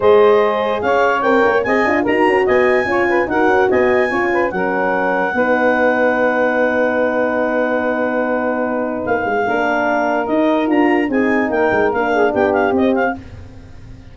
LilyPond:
<<
  \new Staff \with { instrumentName = "clarinet" } { \time 4/4 \tempo 4 = 146 dis''2 f''4 g''4 | gis''4 ais''4 gis''2 | fis''4 gis''2 fis''4~ | fis''1~ |
fis''1~ | fis''2 f''2~ | f''4 dis''4 ais''4 gis''4 | g''4 f''4 g''8 f''8 dis''8 f''8 | }
  \new Staff \with { instrumentName = "saxophone" } { \time 4/4 c''2 cis''2 | dis''4 ais'4 dis''4 cis''8 b'8 | ais'4 dis''4 cis''8 b'8 ais'4~ | ais'4 b'2.~ |
b'1~ | b'2. ais'4~ | ais'2. gis'4 | ais'4. gis'8 g'2 | }
  \new Staff \with { instrumentName = "horn" } { \time 4/4 gis'2. ais'4 | gis'8 f'8 fis'2 f'4 | fis'2 f'4 cis'4~ | cis'4 dis'2.~ |
dis'1~ | dis'2. d'4~ | d'4 dis'4 f'4 dis'4~ | dis'4 d'2 c'4 | }
  \new Staff \with { instrumentName = "tuba" } { \time 4/4 gis2 cis'4 c'8 ais8 | c'8 d'8 dis'8 cis'8 b4 cis'4 | dis'8 cis'8 b4 cis'4 fis4~ | fis4 b2.~ |
b1~ | b2 ais8 gis8 ais4~ | ais4 dis'4 d'4 c'4 | ais8 gis8 ais4 b4 c'4 | }
>>